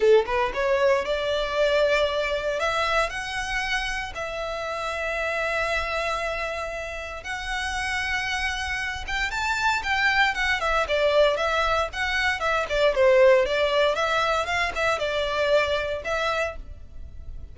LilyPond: \new Staff \with { instrumentName = "violin" } { \time 4/4 \tempo 4 = 116 a'8 b'8 cis''4 d''2~ | d''4 e''4 fis''2 | e''1~ | e''2 fis''2~ |
fis''4. g''8 a''4 g''4 | fis''8 e''8 d''4 e''4 fis''4 | e''8 d''8 c''4 d''4 e''4 | f''8 e''8 d''2 e''4 | }